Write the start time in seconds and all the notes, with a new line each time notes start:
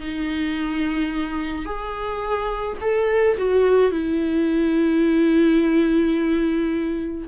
0.00 D#4
1.66 G#4
2.81 A4
3.38 F#4
3.92 E4